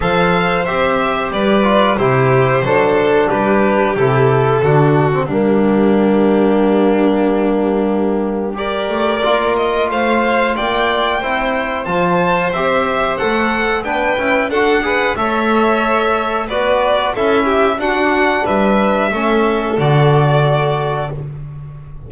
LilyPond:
<<
  \new Staff \with { instrumentName = "violin" } { \time 4/4 \tempo 4 = 91 f''4 e''4 d''4 c''4~ | c''4 b'4 a'2 | g'1~ | g'4 d''4. dis''8 f''4 |
g''2 a''4 e''4 | fis''4 g''4 fis''4 e''4~ | e''4 d''4 e''4 fis''4 | e''2 d''2 | }
  \new Staff \with { instrumentName = "violin" } { \time 4/4 c''2 b'4 g'4 | a'4 g'2 fis'4 | d'1~ | d'4 ais'2 c''4 |
d''4 c''2.~ | c''4 b'4 a'8 b'8 cis''4~ | cis''4 b'4 a'8 g'8 fis'4 | b'4 a'2. | }
  \new Staff \with { instrumentName = "trombone" } { \time 4/4 a'4 g'4. f'8 e'4 | d'2 e'4 d'8. c'16 | ais1~ | ais4 g'4 f'2~ |
f'4 e'4 f'4 g'4 | a'4 d'8 e'8 fis'8 gis'8 a'4~ | a'4 fis'4 e'4 d'4~ | d'4 cis'4 fis'2 | }
  \new Staff \with { instrumentName = "double bass" } { \time 4/4 f4 c'4 g4 c4 | fis4 g4 c4 d4 | g1~ | g4. a8 ais4 a4 |
ais4 c'4 f4 c'4 | a4 b8 cis'8 d'4 a4~ | a4 b4 cis'4 d'4 | g4 a4 d2 | }
>>